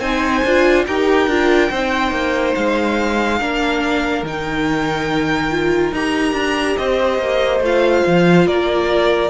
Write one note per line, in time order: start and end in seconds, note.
0.00 0.42 C4
0.00 0.44 D#4
0.00 0.85 C5
0.00 0.85 G#5
0.44 0.87 D4
0.44 0.87 F4
0.87 1.27 D#4
0.87 1.30 G4
0.87 1.70 A#4
0.87 2.55 G5
1.27 1.70 D4
1.27 1.72 F4
1.70 2.11 C4
1.70 3.40 D#4
1.70 3.39 C5
2.11 2.53 A#3
2.55 3.41 G#3
2.55 4.24 F5
3.40 4.23 A#3
3.40 4.24 D4
3.40 6.78 A#4
4.23 5.92 D#3
4.23 5.51 D#4
4.23 5.94 G5
5.51 5.93 F4
5.92 6.33 D#4
5.92 7.64 G4
5.92 6.77 A#5
6.33 6.75 D4
6.77 7.18 C4
6.77 8.47 C5
6.77 7.61 D#5
7.18 7.60 A#3
7.60 8.02 A3
7.60 9.30 F4
7.60 8.47 F5
8.06 8.47 F3
8.47 9.30 A#3
8.47 9.30 A#4
8.47 9.30 D5